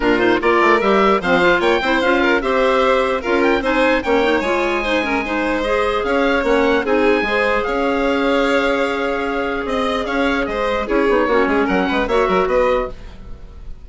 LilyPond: <<
  \new Staff \with { instrumentName = "oboe" } { \time 4/4 \tempo 4 = 149 ais'8 c''8 d''4 e''4 f''4 | g''4 f''4 e''2 | f''8 g''8 gis''4 g''4 gis''4~ | gis''2 dis''4 f''4 |
fis''4 gis''2 f''4~ | f''1 | dis''4 f''4 dis''4 cis''4~ | cis''4 fis''4 e''4 dis''4 | }
  \new Staff \with { instrumentName = "violin" } { \time 4/4 f'4 ais'2 c''4 | cis''8 c''4 ais'8 c''2 | ais'4 c''4 cis''2 | c''8 ais'8 c''2 cis''4~ |
cis''4 gis'4 c''4 cis''4~ | cis''1 | dis''4 cis''4 c''4 gis'4 | fis'8 gis'8 ais'8 b'8 cis''8 ais'8 b'4 | }
  \new Staff \with { instrumentName = "clarinet" } { \time 4/4 d'8 dis'8 f'4 g'4 c'8 f'8~ | f'8 e'8 f'4 g'2 | f'4 dis'4 cis'8 dis'8 f'4 | dis'8 cis'8 dis'4 gis'2 |
cis'4 dis'4 gis'2~ | gis'1~ | gis'2. e'8 dis'8 | cis'2 fis'2 | }
  \new Staff \with { instrumentName = "bassoon" } { \time 4/4 ais,4 ais8 a8 g4 f4 | ais8 c'8 cis'4 c'2 | cis'4 c'4 ais4 gis4~ | gis2. cis'4 |
ais4 c'4 gis4 cis'4~ | cis'1 | c'4 cis'4 gis4 cis'8 b8 | ais8 gis8 fis8 gis8 ais8 fis8 b4 | }
>>